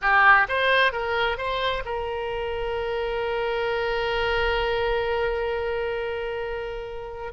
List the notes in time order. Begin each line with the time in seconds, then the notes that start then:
0.01 G4
0.48 C5
0.92 A#4
1.37 C5
1.85 A#4